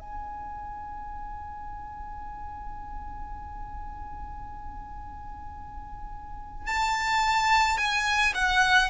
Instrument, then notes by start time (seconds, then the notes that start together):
violin
0.00 G#5
6.67 A5
7.78 G#5
8.35 F#5